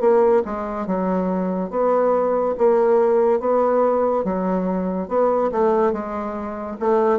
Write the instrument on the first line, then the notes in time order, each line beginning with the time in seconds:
bassoon
0.00 A#3
0.45 G#3
0.86 F#3
1.70 B3
2.58 A#3
3.40 B3
4.24 F#3
5.08 B3
5.52 A3
5.93 G#3
6.80 A3